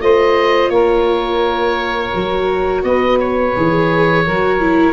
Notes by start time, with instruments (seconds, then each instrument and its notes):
0.00 tuba A3, viola F4, saxophone C5, oboe D#5
0.69 tuba A#3, saxophone A#4, oboe C#5
2.14 tuba F#3, viola F#4
2.83 tuba B3, saxophone B4, oboe D#5
3.19 oboe C#5
3.56 tuba E3, viola G#4
4.25 tuba F#3, viola F#4, saxophone A#4
4.60 viola E4